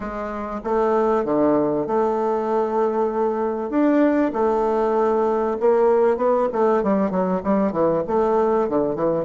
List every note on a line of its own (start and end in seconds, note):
0.00 0.60 G#3
0.64 1.25 A3
1.25 1.86 D3
1.86 3.69 A3
3.69 4.31 D4
4.33 5.57 A3
5.60 6.17 A#3
6.17 6.48 B3
6.52 6.83 A3
6.83 7.10 G3
7.10 7.41 F#3
7.43 7.72 G3
7.72 8.02 E3
8.07 8.68 A3
8.68 8.95 D3
8.95 9.24 E3